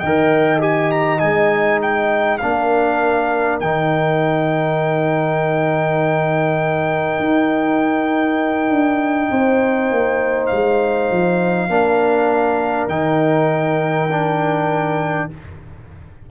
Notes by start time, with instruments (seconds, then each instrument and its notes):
0.00 tuba D#3, trombone A#4, horn D#5, trumpet G5
0.59 trombone G4, trumpet G#5
0.92 trumpet A#5
1.19 tuba G#3, trombone D#4, trumpet G#5
1.82 trumpet G5
2.39 tuba A#3, trombone D4, horn A#4, trumpet F5
3.60 tuba D#3, trombone D#4, trumpet G5
7.20 tuba D#4
8.70 tuba D4
9.30 tuba C4, horn C5
9.91 tuba A#3
10.47 tuba G#3, trumpet F5
11.11 tuba F3
11.69 tuba A#3, trombone D4, horn A#4
12.88 tuba D#3, trombone D#4, trumpet G5
14.11 trombone D4